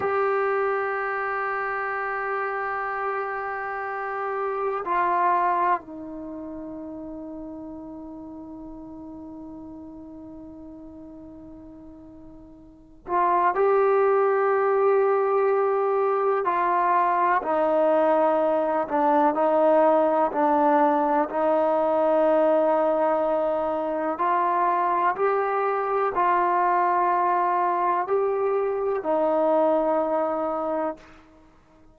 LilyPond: \new Staff \with { instrumentName = "trombone" } { \time 4/4 \tempo 4 = 62 g'1~ | g'4 f'4 dis'2~ | dis'1~ | dis'4. f'8 g'2~ |
g'4 f'4 dis'4. d'8 | dis'4 d'4 dis'2~ | dis'4 f'4 g'4 f'4~ | f'4 g'4 dis'2 | }